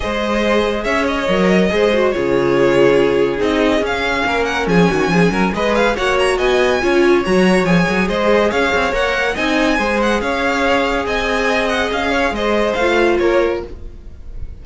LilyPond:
<<
  \new Staff \with { instrumentName = "violin" } { \time 4/4 \tempo 4 = 141 dis''2 e''8 dis''4.~ | dis''4 cis''2. | dis''4 f''4. fis''8 gis''4~ | gis''4 dis''8 f''8 fis''8 ais''8 gis''4~ |
gis''4 ais''4 gis''4 dis''4 | f''4 fis''4 gis''4. fis''8 | f''2 gis''4. fis''8 | f''4 dis''4 f''4 cis''4 | }
  \new Staff \with { instrumentName = "violin" } { \time 4/4 c''2 cis''2 | c''4 gis'2.~ | gis'2 ais'4 gis'8 fis'8 | gis'8 ais'8 b'4 cis''4 dis''4 |
cis''2. c''4 | cis''2 dis''4 c''4 | cis''2 dis''2~ | dis''8 cis''8 c''2 ais'4 | }
  \new Staff \with { instrumentName = "viola" } { \time 4/4 gis'2. ais'4 | gis'8 fis'8 f'2. | dis'4 cis'2.~ | cis'4 gis'4 fis'2 |
f'4 fis'4 gis'2~ | gis'4 ais'4 dis'4 gis'4~ | gis'1~ | gis'2 f'2 | }
  \new Staff \with { instrumentName = "cello" } { \time 4/4 gis2 cis'4 fis4 | gis4 cis2. | c'4 cis'4 ais4 f8 dis8 | f8 fis8 gis4 ais4 b4 |
cis'4 fis4 f8 fis8 gis4 | cis'8 c'8 ais4 c'4 gis4 | cis'2 c'2 | cis'4 gis4 a4 ais4 | }
>>